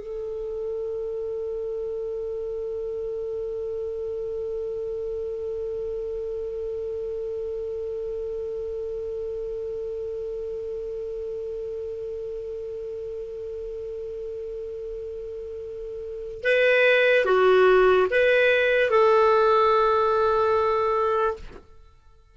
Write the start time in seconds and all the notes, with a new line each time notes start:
0.00 A4
16.44 B4
17.26 F#4
18.11 B4
18.91 A4